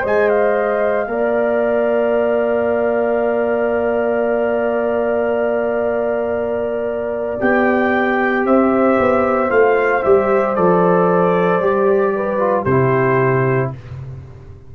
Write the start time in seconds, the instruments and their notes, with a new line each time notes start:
0.00 tuba G#3, trombone C5, horn D#5
0.06 trumpet G#5
0.29 trumpet F5
1.06 tuba A#3, trombone A#4, horn D5
7.39 tuba B3, trombone G4, trumpet G5
8.45 tuba C4, horn C5, trumpet E5
8.99 tuba B3
9.49 tuba A3, trombone F4, trumpet F5
10.03 tuba G3, trombone G4, trumpet E5
10.55 tuba F3, trombone A4, trumpet D5
11.59 tuba G3, trombone G4
12.15 horn B4
12.39 trombone F4
12.64 tuba C3, trombone E4, horn G4, trumpet C5